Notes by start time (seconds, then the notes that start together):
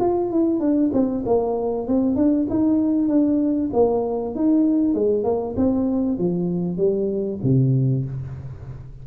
0.00 F4
0.31 E4
0.60 D4
0.94 C4
1.26 A#3
1.88 C4
2.16 D4
2.50 D#4
3.09 D4
3.74 A#3
4.36 D#4
4.95 G#3
5.24 A#3
5.57 C4
6.19 F3
6.78 G3
7.44 C3